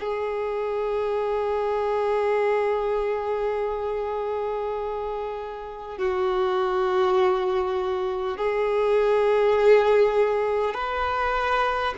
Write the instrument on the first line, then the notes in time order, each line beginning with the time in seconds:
violin
0.00 G#4
5.98 F#4
8.38 G#4
10.75 B4